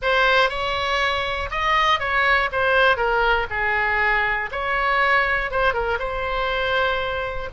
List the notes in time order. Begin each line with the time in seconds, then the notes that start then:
0.02 C5
0.49 C#5
1.50 D#5
1.99 C#5
2.52 C5
2.97 A#4
3.50 G#4
4.51 C#5
5.50 C5
5.73 A#4
5.99 C5